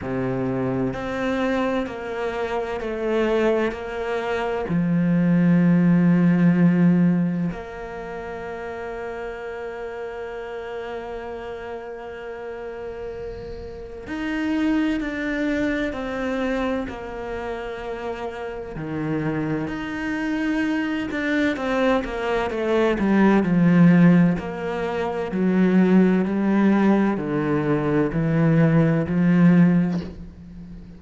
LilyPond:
\new Staff \with { instrumentName = "cello" } { \time 4/4 \tempo 4 = 64 c4 c'4 ais4 a4 | ais4 f2. | ais1~ | ais2. dis'4 |
d'4 c'4 ais2 | dis4 dis'4. d'8 c'8 ais8 | a8 g8 f4 ais4 fis4 | g4 d4 e4 f4 | }